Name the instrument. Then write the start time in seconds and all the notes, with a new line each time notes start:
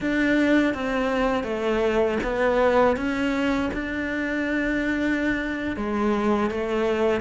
cello
0.00 D4
0.73 C4
1.43 A3
2.23 B3
2.96 C#4
3.73 D4
5.76 G#3
6.50 A3